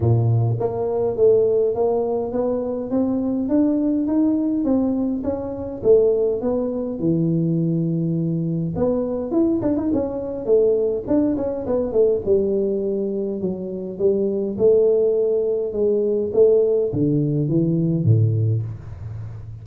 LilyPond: \new Staff \with { instrumentName = "tuba" } { \time 4/4 \tempo 4 = 103 ais,4 ais4 a4 ais4 | b4 c'4 d'4 dis'4 | c'4 cis'4 a4 b4 | e2. b4 |
e'8 d'16 dis'16 cis'4 a4 d'8 cis'8 | b8 a8 g2 fis4 | g4 a2 gis4 | a4 d4 e4 a,4 | }